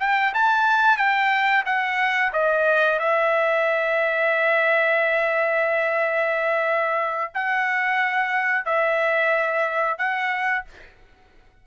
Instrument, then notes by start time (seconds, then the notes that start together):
trumpet
0.00 G5
0.35 A5
0.98 G5
1.66 F#5
2.33 D#5
2.99 E5
7.35 F#5
8.65 E5
9.98 F#5